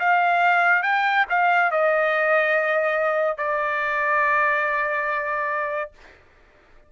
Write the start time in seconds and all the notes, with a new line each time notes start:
0.00 F5
0.83 G5
1.30 F5
1.72 D#5
3.38 D5